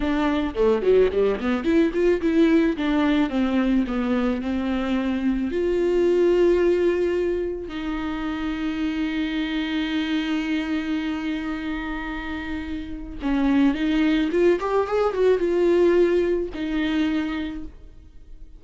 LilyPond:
\new Staff \with { instrumentName = "viola" } { \time 4/4 \tempo 4 = 109 d'4 a8 fis8 g8 b8 e'8 f'8 | e'4 d'4 c'4 b4 | c'2 f'2~ | f'2 dis'2~ |
dis'1~ | dis'1 | cis'4 dis'4 f'8 g'8 gis'8 fis'8 | f'2 dis'2 | }